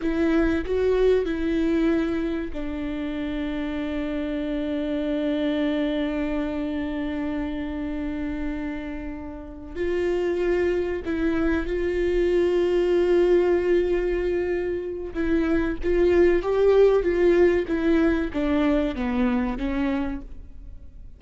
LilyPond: \new Staff \with { instrumentName = "viola" } { \time 4/4 \tempo 4 = 95 e'4 fis'4 e'2 | d'1~ | d'1~ | d'2.~ d'8 f'8~ |
f'4. e'4 f'4.~ | f'1 | e'4 f'4 g'4 f'4 | e'4 d'4 b4 cis'4 | }